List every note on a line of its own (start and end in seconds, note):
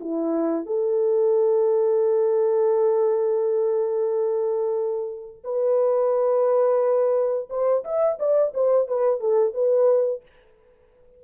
0.00 0.66 E4
0.66 5.44 A4
5.44 7.49 B4
7.50 7.84 C5
7.84 8.18 E5
8.19 8.54 D5
8.54 8.88 C5
8.88 9.20 B4
9.20 9.54 A4
9.54 10.22 B4